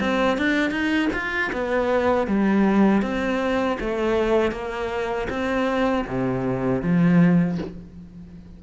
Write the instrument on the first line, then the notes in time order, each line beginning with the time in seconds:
cello
0.00 C4
0.38 D4
0.71 D#4
1.13 F4
1.53 B3
2.27 G3
3.02 C4
3.80 A3
4.52 A#3
5.30 C4
6.07 C3
6.82 F3